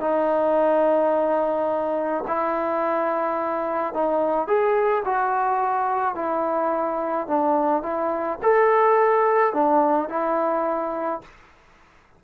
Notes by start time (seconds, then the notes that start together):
0.00 D#4
2.27 E4
3.94 D#4
4.47 G#4
5.05 F#4
6.15 E4
7.27 D4
7.82 E4
8.42 A4
9.54 D4
10.09 E4